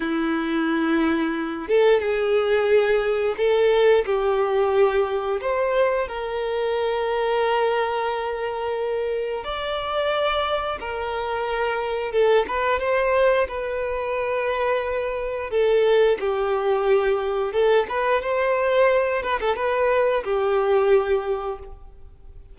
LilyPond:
\new Staff \with { instrumentName = "violin" } { \time 4/4 \tempo 4 = 89 e'2~ e'8 a'8 gis'4~ | gis'4 a'4 g'2 | c''4 ais'2.~ | ais'2 d''2 |
ais'2 a'8 b'8 c''4 | b'2. a'4 | g'2 a'8 b'8 c''4~ | c''8 b'16 a'16 b'4 g'2 | }